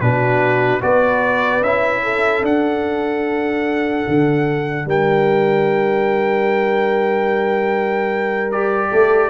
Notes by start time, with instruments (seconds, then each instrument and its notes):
0.00 tuba B2, trombone D4, horn F#4, trumpet B4
0.81 tuba B3, trombone F#4, horn B4, trumpet D5
1.61 tuba C#4, trombone E4, trumpet E5
2.03 horn A4
2.42 tuba D4, trombone D4, trumpet F#5
4.07 tuba D3
4.85 tuba G3, horn A#4, trumpet G5
8.52 trombone G4, trumpet D5
8.91 tuba A3, horn A4